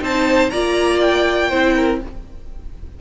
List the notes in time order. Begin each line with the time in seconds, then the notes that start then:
0.00 C4 D#4 C5 A5
0.50 A#3 F4 D5 A#5
1.00 G5
1.49 C4 E4 C5
1.76 A#4